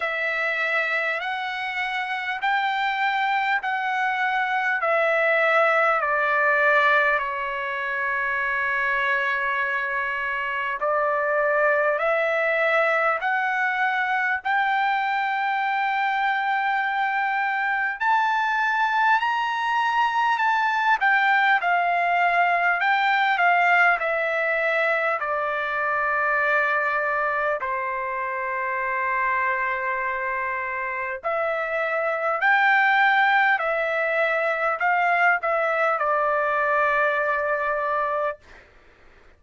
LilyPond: \new Staff \with { instrumentName = "trumpet" } { \time 4/4 \tempo 4 = 50 e''4 fis''4 g''4 fis''4 | e''4 d''4 cis''2~ | cis''4 d''4 e''4 fis''4 | g''2. a''4 |
ais''4 a''8 g''8 f''4 g''8 f''8 | e''4 d''2 c''4~ | c''2 e''4 g''4 | e''4 f''8 e''8 d''2 | }